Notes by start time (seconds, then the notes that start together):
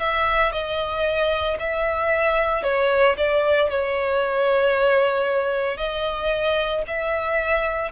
0.00 E5
0.52 D#5
1.60 E5
2.64 C#5
3.18 D5
3.70 C#5
5.78 D#5
6.88 E5